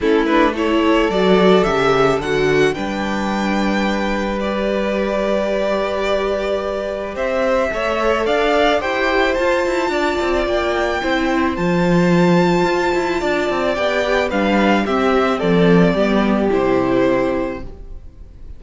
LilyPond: <<
  \new Staff \with { instrumentName = "violin" } { \time 4/4 \tempo 4 = 109 a'8 b'8 cis''4 d''4 e''4 | fis''4 g''2. | d''1~ | d''4 e''2 f''4 |
g''4 a''2 g''4~ | g''4 a''2.~ | a''4 g''4 f''4 e''4 | d''2 c''2 | }
  \new Staff \with { instrumentName = "violin" } { \time 4/4 e'4 a'2.~ | a'4 b'2.~ | b'1~ | b'4 c''4 cis''4 d''4 |
c''2 d''2 | c''1 | d''2 b'4 g'4 | a'4 g'2. | }
  \new Staff \with { instrumentName = "viola" } { \time 4/4 cis'8 d'8 e'4 fis'4 g'4 | fis'4 d'2. | g'1~ | g'2 a'2 |
g'4 f'2. | e'4 f'2.~ | f'4 g'4 d'4 c'4~ | c'4 b4 e'2 | }
  \new Staff \with { instrumentName = "cello" } { \time 4/4 a2 fis4 cis4 | d4 g2.~ | g1~ | g4 c'4 a4 d'4 |
e'4 f'8 e'8 d'8 c'8 ais4 | c'4 f2 f'8 e'8 | d'8 c'8 b4 g4 c'4 | f4 g4 c2 | }
>>